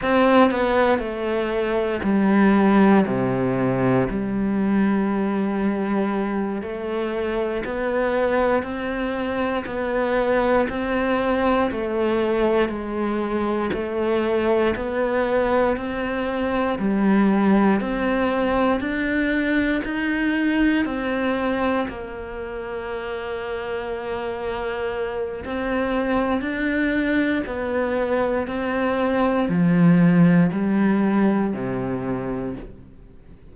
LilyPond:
\new Staff \with { instrumentName = "cello" } { \time 4/4 \tempo 4 = 59 c'8 b8 a4 g4 c4 | g2~ g8 a4 b8~ | b8 c'4 b4 c'4 a8~ | a8 gis4 a4 b4 c'8~ |
c'8 g4 c'4 d'4 dis'8~ | dis'8 c'4 ais2~ ais8~ | ais4 c'4 d'4 b4 | c'4 f4 g4 c4 | }